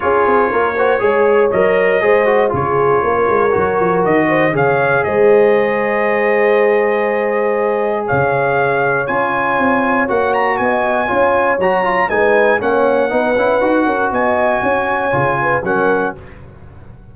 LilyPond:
<<
  \new Staff \with { instrumentName = "trumpet" } { \time 4/4 \tempo 4 = 119 cis''2. dis''4~ | dis''4 cis''2. | dis''4 f''4 dis''2~ | dis''1 |
f''2 gis''2 | fis''8 ais''8 gis''2 ais''4 | gis''4 fis''2. | gis''2. fis''4 | }
  \new Staff \with { instrumentName = "horn" } { \time 4/4 gis'4 ais'8 c''8 cis''2 | c''4 gis'4 ais'2~ | ais'8 c''8 cis''4 c''2~ | c''1 |
cis''1~ | cis''4 dis''4 cis''2 | b'4 cis''4 b'4. ais'8 | dis''4 cis''4. b'8 ais'4 | }
  \new Staff \with { instrumentName = "trombone" } { \time 4/4 f'4. fis'8 gis'4 ais'4 | gis'8 fis'8 f'2 fis'4~ | fis'4 gis'2.~ | gis'1~ |
gis'2 f'2 | fis'2 f'4 fis'8 f'8 | dis'4 cis'4 dis'8 e'8 fis'4~ | fis'2 f'4 cis'4 | }
  \new Staff \with { instrumentName = "tuba" } { \time 4/4 cis'8 c'8 ais4 gis4 fis4 | gis4 cis4 ais8 gis8 fis8 f8 | dis4 cis4 gis2~ | gis1 |
cis2 cis'4 c'4 | ais4 b4 cis'4 fis4 | gis4 ais4 b8 cis'8 dis'8 cis'8 | b4 cis'4 cis4 fis4 | }
>>